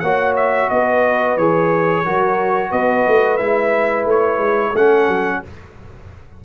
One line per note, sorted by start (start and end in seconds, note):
0.00 0.70 A#3
0.00 1.39 F#4
0.00 0.70 C#5
0.00 0.34 F#5
0.36 0.70 E5
0.70 1.37 B3
0.70 2.05 B4
0.70 1.37 D#5
1.37 2.04 E3
1.37 2.06 G#4
1.37 2.72 C#5
2.05 2.72 F#3
2.05 3.40 F#4
2.05 2.71 A#4
2.71 3.06 B3
2.71 4.72 B4
2.71 3.37 D#5
3.08 3.41 A3
3.37 4.05 G#3
3.37 4.74 E4
3.37 4.05 E5
4.05 4.39 A3
4.05 4.77 C#5
4.39 4.72 G#3
4.72 5.08 A3
4.72 5.45 C#4
4.72 5.39 A4
4.72 5.44 F#5
5.08 5.42 F#3